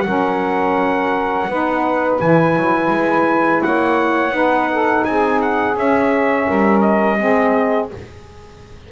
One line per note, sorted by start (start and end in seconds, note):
0.00 1.48 F#3
0.00 1.48 C#4
0.00 1.49 A#4
0.00 2.14 F#5
1.48 2.19 B3
1.48 2.20 D#4
1.48 3.63 B4
2.19 2.55 E3
2.19 4.30 E4
2.19 3.62 G#5
2.55 2.90 F#3
2.90 3.61 G#3
3.62 4.30 A#3
3.62 4.34 C#5
3.62 5.04 F#5
4.30 5.02 B3
4.30 5.73 D#4
4.30 4.70 B4
4.71 5.06 A4
5.04 5.75 C4
5.04 6.46 G#4
5.04 5.40 G#5
5.41 5.77 F#5
5.75 6.46 C#4
5.75 7.18 C#4
5.75 6.81 E5
6.46 7.20 G3
6.46 7.17 A#4
6.81 7.88 D#5
7.18 7.91 G#3
7.18 7.90 C4
7.18 7.90 G#4